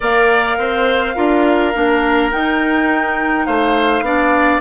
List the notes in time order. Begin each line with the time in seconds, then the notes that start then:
0.00 A#3 A#4 D5 F5
0.57 C4 C5
1.15 D4 F4 A#4
1.73 A#3 D4
2.31 D#4 G5
3.45 A3 C5 F5
4.01 B3 D4 D5